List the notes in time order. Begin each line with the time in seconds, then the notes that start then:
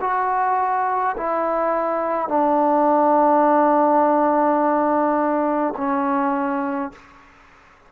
0.00 F#4
1.16 E4
2.28 D4
5.76 C#4